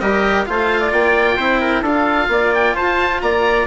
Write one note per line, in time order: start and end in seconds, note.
0.00 0.46 G3
0.00 0.46 G4
0.00 0.47 A#4
0.00 0.46 D#5
0.46 0.92 A3
0.46 1.37 F4
0.46 0.80 C5
0.46 0.91 F5
0.80 1.37 D5
0.92 1.37 A#3
0.92 1.84 G5
1.37 1.82 C4
1.37 1.84 E4
1.37 1.60 C5
1.60 1.82 A#4
1.82 2.28 D4
1.82 3.66 F4
1.82 2.28 A4
1.82 2.54 F5
2.28 2.74 A#3
2.28 2.75 D5
2.54 2.76 G5
2.75 3.22 F4
2.75 3.21 C5
2.75 3.21 A5
3.21 3.66 A#3
3.21 3.66 D5
3.21 3.66 A#5